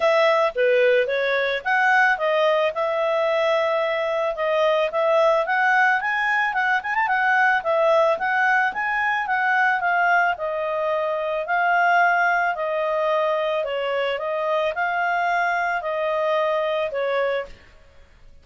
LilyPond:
\new Staff \with { instrumentName = "clarinet" } { \time 4/4 \tempo 4 = 110 e''4 b'4 cis''4 fis''4 | dis''4 e''2. | dis''4 e''4 fis''4 gis''4 | fis''8 gis''16 a''16 fis''4 e''4 fis''4 |
gis''4 fis''4 f''4 dis''4~ | dis''4 f''2 dis''4~ | dis''4 cis''4 dis''4 f''4~ | f''4 dis''2 cis''4 | }